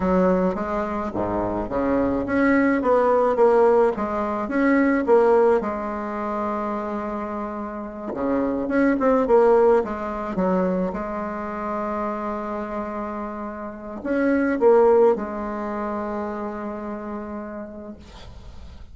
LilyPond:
\new Staff \with { instrumentName = "bassoon" } { \time 4/4 \tempo 4 = 107 fis4 gis4 gis,4 cis4 | cis'4 b4 ais4 gis4 | cis'4 ais4 gis2~ | gis2~ gis8 cis4 cis'8 |
c'8 ais4 gis4 fis4 gis8~ | gis1~ | gis4 cis'4 ais4 gis4~ | gis1 | }